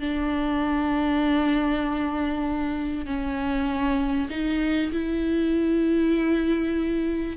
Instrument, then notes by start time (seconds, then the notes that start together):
viola
0.00 D4
3.06 C#4
4.30 D#4
4.92 E4